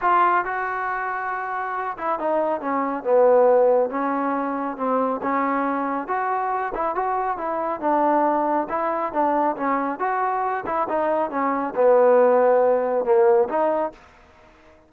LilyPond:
\new Staff \with { instrumentName = "trombone" } { \time 4/4 \tempo 4 = 138 f'4 fis'2.~ | fis'8 e'8 dis'4 cis'4 b4~ | b4 cis'2 c'4 | cis'2 fis'4. e'8 |
fis'4 e'4 d'2 | e'4 d'4 cis'4 fis'4~ | fis'8 e'8 dis'4 cis'4 b4~ | b2 ais4 dis'4 | }